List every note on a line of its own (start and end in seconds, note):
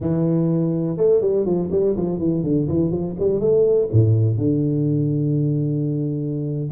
0.00 0.97 E3
0.97 1.21 A3
1.21 1.45 G3
1.45 1.70 F3
1.71 1.95 G3
1.96 2.18 F3
2.18 2.43 E3
2.43 2.67 D3
2.68 2.91 E3
2.91 3.15 F3
3.19 3.39 G3
3.39 3.88 A3
3.92 4.37 A2
4.37 6.69 D3